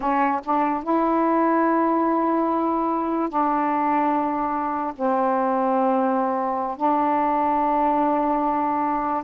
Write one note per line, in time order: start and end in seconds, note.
0.00 0.41 C#4
0.44 0.83 D4
0.83 3.29 E4
3.29 4.93 D4
4.95 6.77 C4
6.77 9.23 D4